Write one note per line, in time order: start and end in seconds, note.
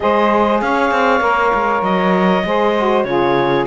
0.00 0.61 G#3
0.00 1.20 G#4
0.00 0.63 C5
0.00 0.61 D#5
0.61 0.91 C#4
0.61 2.46 C#5
0.61 1.83 F5
0.91 1.21 C4
1.20 1.51 A#3
1.20 2.43 A#4
1.54 1.82 G#3
1.82 2.43 F#3
1.82 3.03 D#5
2.44 3.04 G#3
2.44 2.74 G#4
2.44 3.06 C5
2.76 3.06 F#4
3.03 3.65 C#3
3.03 3.67 F4
3.03 3.67 G#4
3.03 3.64 C#5